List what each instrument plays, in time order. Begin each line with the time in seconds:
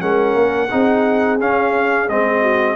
0.00 tuba G#3, trombone C#4, horn A#4, trumpet F#5
0.34 tuba A#3
0.70 tuba C4, trombone D#4, horn G#4
1.40 trombone C#4, tuba C#4, trumpet F5
2.08 tuba G#3, trombone C4, trumpet D#5
2.41 horn F#4